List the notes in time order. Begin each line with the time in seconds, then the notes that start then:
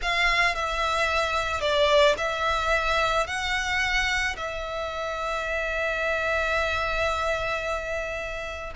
0.01 F5
0.55 E5
1.60 D5
2.17 E5
3.26 F#5
4.36 E5